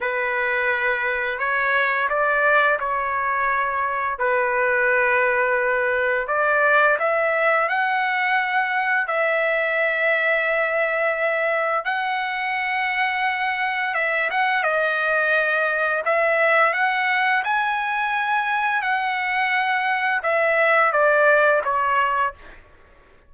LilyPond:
\new Staff \with { instrumentName = "trumpet" } { \time 4/4 \tempo 4 = 86 b'2 cis''4 d''4 | cis''2 b'2~ | b'4 d''4 e''4 fis''4~ | fis''4 e''2.~ |
e''4 fis''2. | e''8 fis''8 dis''2 e''4 | fis''4 gis''2 fis''4~ | fis''4 e''4 d''4 cis''4 | }